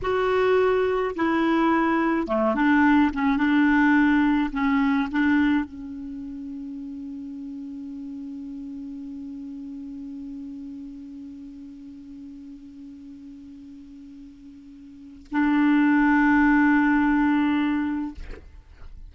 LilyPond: \new Staff \with { instrumentName = "clarinet" } { \time 4/4 \tempo 4 = 106 fis'2 e'2 | a8 d'4 cis'8 d'2 | cis'4 d'4 cis'2~ | cis'1~ |
cis'1~ | cis'1~ | cis'2. d'4~ | d'1 | }